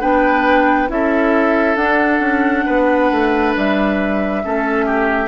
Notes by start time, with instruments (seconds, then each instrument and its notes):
0.00 bassoon B3, clarinet D4, oboe B4, flute G5
0.88 bassoon C#4, clarinet E4, oboe A4, flute E5
1.76 bassoon D4, clarinet D4, flute F#5
2.19 bassoon C#4
2.65 bassoon B3, oboe B4
3.11 bassoon A3
3.56 bassoon G3, flute E5
4.43 bassoon A3, clarinet C#4, oboe A4
4.85 oboe G4